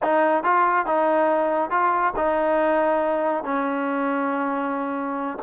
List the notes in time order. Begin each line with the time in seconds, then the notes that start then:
0.02 D#4
0.43 F4
0.86 D#4
1.70 F4
2.16 D#4
3.44 C#4